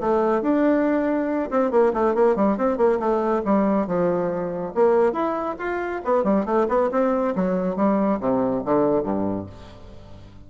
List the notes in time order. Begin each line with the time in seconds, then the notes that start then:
0.00 A3
0.42 D4
1.50 C4
1.71 A#3
1.93 A3
2.14 A#3
2.35 G3
2.57 C4
2.77 A#3
2.99 A3
3.45 G3
3.87 F3
4.74 A#3
5.12 E4
5.58 F4
6.04 B3
6.24 G3
6.45 A3
6.68 B3
6.91 C4
7.35 F#3
7.76 G3
8.20 C3
8.65 D3
9.03 G2